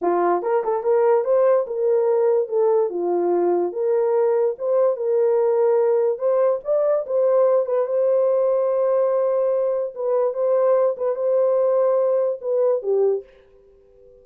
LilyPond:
\new Staff \with { instrumentName = "horn" } { \time 4/4 \tempo 4 = 145 f'4 ais'8 a'8 ais'4 c''4 | ais'2 a'4 f'4~ | f'4 ais'2 c''4 | ais'2. c''4 |
d''4 c''4. b'8 c''4~ | c''1 | b'4 c''4. b'8 c''4~ | c''2 b'4 g'4 | }